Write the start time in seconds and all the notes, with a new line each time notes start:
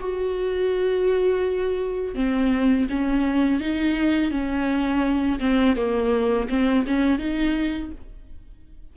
0.00 F#4
2.15 C4
2.89 C#4
3.60 D#4
4.31 C#4
5.40 C4
5.76 A#3
6.49 C4
6.87 C#4
7.18 D#4